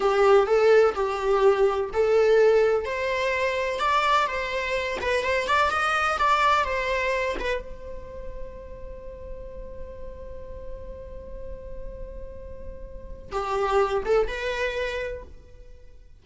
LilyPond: \new Staff \with { instrumentName = "viola" } { \time 4/4 \tempo 4 = 126 g'4 a'4 g'2 | a'2 c''2 | d''4 c''4. b'8 c''8 d''8 | dis''4 d''4 c''4. b'8 |
c''1~ | c''1~ | c''1 | g'4. a'8 b'2 | }